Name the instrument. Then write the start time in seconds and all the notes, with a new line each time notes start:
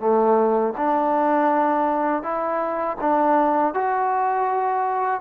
trombone
0.00 A3
0.77 D4
2.23 E4
3.01 D4
3.74 F#4